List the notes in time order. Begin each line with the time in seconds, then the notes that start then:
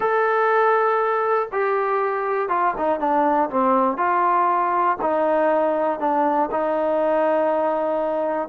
0.00 A4
1.52 G4
2.49 F4
2.77 D#4
2.99 D4
3.50 C4
3.97 F4
5.01 D#4
5.99 D4
6.51 D#4